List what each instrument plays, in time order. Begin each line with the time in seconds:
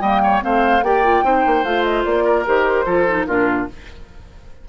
0.00 bassoon G3, clarinet A#3, oboe D#5, flute G5
0.23 oboe C#5
0.40 bassoon A3, clarinet C4, oboe C5, flute F5
0.81 bassoon A#3, clarinet G4, oboe D5, flute G5
1.03 clarinet F4
1.23 bassoon C4, clarinet D#4, oboe C5
1.46 bassoon A#3
1.64 bassoon A3, clarinet F4, flute F5
1.83 flute D#5
2.04 bassoon A#3, flute D5
2.24 oboe A#4
2.45 bassoon D#3, clarinet G4, flute C5
2.85 bassoon F3, clarinet F4, oboe A4
3.07 clarinet D#4
3.24 bassoon A#2, clarinet D4, oboe F4, flute A#4